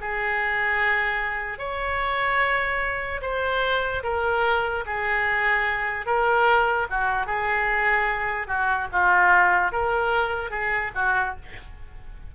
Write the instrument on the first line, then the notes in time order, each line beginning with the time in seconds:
oboe
0.00 G#4
1.58 C#5
3.21 C5
4.03 A#4
4.86 G#4
6.06 A#4
6.90 F#4
7.26 G#4
8.47 F#4
8.92 F4
9.71 A#4
10.50 G#4
10.94 F#4